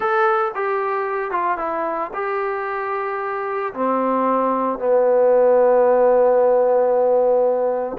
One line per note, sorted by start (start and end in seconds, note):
0.00 0.51 A4
0.55 1.31 G4
1.31 1.57 F4
1.57 2.10 E4
2.13 3.73 G4
3.73 4.78 C4
4.78 7.97 B3